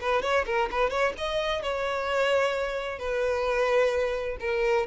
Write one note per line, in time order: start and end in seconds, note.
0.00 0.22 B4
0.22 0.45 C#5
0.46 0.69 A#4
0.71 0.90 B4
0.90 1.13 C#5
1.17 1.62 D#5
1.62 2.98 C#5
2.98 4.37 B4
4.40 4.86 A#4